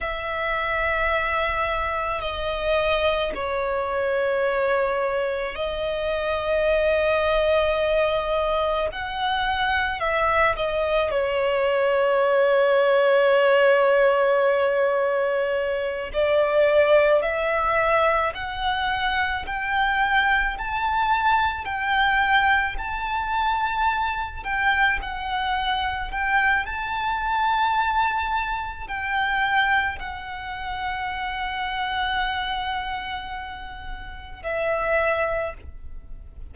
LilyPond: \new Staff \with { instrumentName = "violin" } { \time 4/4 \tempo 4 = 54 e''2 dis''4 cis''4~ | cis''4 dis''2. | fis''4 e''8 dis''8 cis''2~ | cis''2~ cis''8 d''4 e''8~ |
e''8 fis''4 g''4 a''4 g''8~ | g''8 a''4. g''8 fis''4 g''8 | a''2 g''4 fis''4~ | fis''2. e''4 | }